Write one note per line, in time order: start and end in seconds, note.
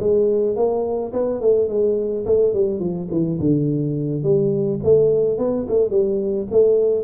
0.00 0.56 G#3
0.56 1.13 A#3
1.13 1.41 B3
1.41 1.69 A3
1.69 2.26 G#3
2.26 2.54 A3
2.54 2.80 G3
2.80 3.08 F3
3.11 3.39 E3
3.40 4.24 D3
4.24 4.80 G3
4.84 5.39 A3
5.39 5.67 B3
5.69 5.91 A3
5.91 6.48 G3
6.52 7.04 A3